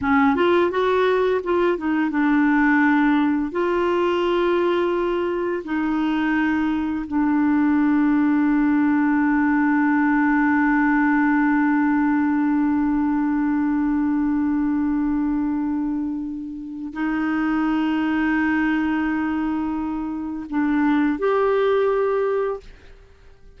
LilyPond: \new Staff \with { instrumentName = "clarinet" } { \time 4/4 \tempo 4 = 85 cis'8 f'8 fis'4 f'8 dis'8 d'4~ | d'4 f'2. | dis'2 d'2~ | d'1~ |
d'1~ | d'1 | dis'1~ | dis'4 d'4 g'2 | }